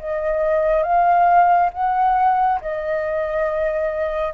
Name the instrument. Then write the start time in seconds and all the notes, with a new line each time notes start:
flute
0.00 D#5
0.83 F5
1.74 F#5
2.61 D#5